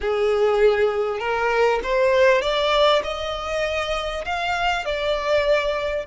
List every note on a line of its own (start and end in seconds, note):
0.01 1.19 G#4
1.19 1.80 A#4
1.83 2.41 C5
2.41 3.02 D5
3.03 4.24 D#5
4.25 4.85 F5
4.85 6.06 D5